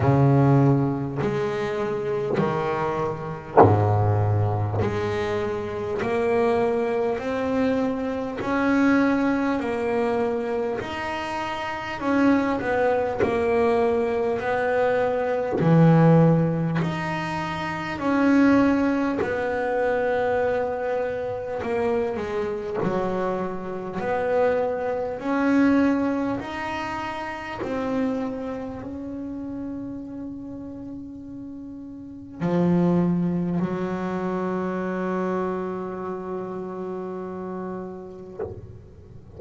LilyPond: \new Staff \with { instrumentName = "double bass" } { \time 4/4 \tempo 4 = 50 cis4 gis4 dis4 gis,4 | gis4 ais4 c'4 cis'4 | ais4 dis'4 cis'8 b8 ais4 | b4 e4 dis'4 cis'4 |
b2 ais8 gis8 fis4 | b4 cis'4 dis'4 c'4 | cis'2. f4 | fis1 | }